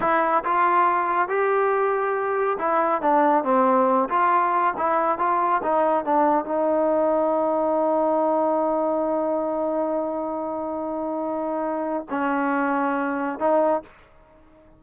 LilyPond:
\new Staff \with { instrumentName = "trombone" } { \time 4/4 \tempo 4 = 139 e'4 f'2 g'4~ | g'2 e'4 d'4 | c'4. f'4. e'4 | f'4 dis'4 d'4 dis'4~ |
dis'1~ | dis'1~ | dis'1 | cis'2. dis'4 | }